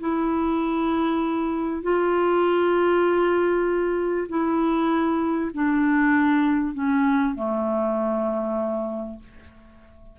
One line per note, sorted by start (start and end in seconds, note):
0.00 1.83 E4
1.83 4.28 F4
4.29 5.51 E4
5.54 6.74 D4
6.74 7.35 C#4
7.36 9.19 A3